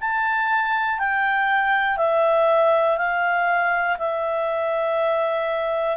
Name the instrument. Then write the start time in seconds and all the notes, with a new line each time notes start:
clarinet
0.00 A5
0.99 G5
1.97 E5
2.97 F5
3.98 E5